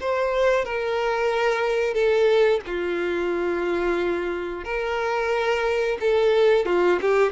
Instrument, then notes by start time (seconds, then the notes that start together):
violin
0.00 C5
0.65 A#4
1.94 A4
2.66 F4
4.64 A#4
6.00 A4
6.65 F4
7.01 G4